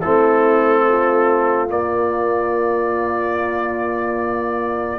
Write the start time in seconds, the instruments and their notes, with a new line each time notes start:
0.00 tuba A3, trombone C4, horn E4, trumpet A4
0.88 horn F4
1.68 trombone A#3, tuba A#3, trumpet D5